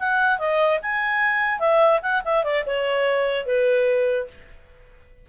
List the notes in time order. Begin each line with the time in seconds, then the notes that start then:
0.00 F#5
0.39 D#5
0.82 G#5
1.60 E5
2.02 F#5
2.24 E5
2.44 D5
2.66 C#5
3.46 B4